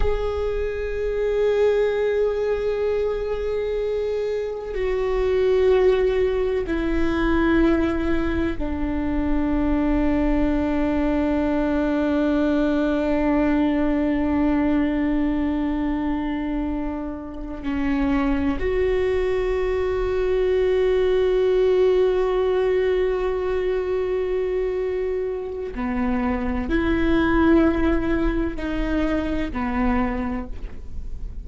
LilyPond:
\new Staff \with { instrumentName = "viola" } { \time 4/4 \tempo 4 = 63 gis'1~ | gis'4 fis'2 e'4~ | e'4 d'2.~ | d'1~ |
d'2~ d'8 cis'4 fis'8~ | fis'1~ | fis'2. b4 | e'2 dis'4 b4 | }